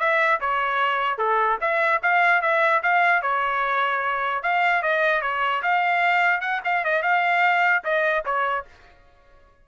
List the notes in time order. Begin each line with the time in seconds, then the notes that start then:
0.00 E5
0.41 C#5
1.19 A4
1.61 E5
2.03 F5
2.42 E5
2.83 F5
3.22 C#5
4.43 F5
4.83 D#5
5.22 C#5
5.63 F5
6.41 F#5
6.65 F5
6.85 D#5
7.03 F5
7.85 D#5
8.25 C#5